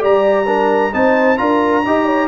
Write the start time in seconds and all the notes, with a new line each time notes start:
0.00 G3 G4 D5 A#5
0.47 D4 A#4
0.94 C4 D#4 C5 A5
1.38 D4 F4 A#4 A#5
1.84 D#4 G4 D#5
2.06 C#5